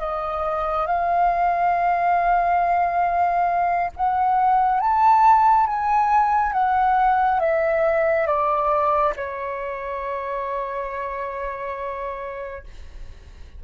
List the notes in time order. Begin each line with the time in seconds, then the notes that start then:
0.00 D#5
0.87 F5
3.97 F#5
4.81 A5
5.67 G#5
6.53 F#5
7.40 E5
8.27 D5
9.17 C#5